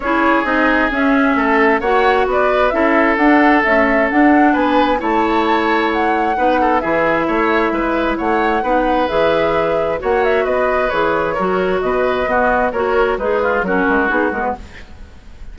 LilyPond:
<<
  \new Staff \with { instrumentName = "flute" } { \time 4/4 \tempo 4 = 132 cis''4 dis''4 e''2 | fis''4 d''4 e''4 fis''4 | e''4 fis''4 gis''4 a''4~ | a''4 fis''2 e''4~ |
e''2 fis''2 | e''2 fis''8 e''8 dis''4 | cis''2 dis''2 | cis''4 b'4 ais'4 gis'8 ais'16 b'16 | }
  \new Staff \with { instrumentName = "oboe" } { \time 4/4 gis'2. a'4 | cis''4 b'4 a'2~ | a'2 b'4 cis''4~ | cis''2 b'8 a'8 gis'4 |
cis''4 b'4 cis''4 b'4~ | b'2 cis''4 b'4~ | b'4 ais'4 b'4 fis'4 | ais'4 dis'8 f'8 fis'2 | }
  \new Staff \with { instrumentName = "clarinet" } { \time 4/4 e'4 dis'4 cis'2 | fis'2 e'4 d'4 | a4 d'2 e'4~ | e'2 dis'4 e'4~ |
e'2. dis'4 | gis'2 fis'2 | gis'4 fis'2 b4 | fis'4 gis'4 cis'4 dis'8 b8 | }
  \new Staff \with { instrumentName = "bassoon" } { \time 4/4 cis'4 c'4 cis'4 a4 | ais4 b4 cis'4 d'4 | cis'4 d'4 b4 a4~ | a2 b4 e4 |
a4 gis4 a4 b4 | e2 ais4 b4 | e4 fis4 b,4 b4 | ais4 gis4 fis8 gis8 b8 gis8 | }
>>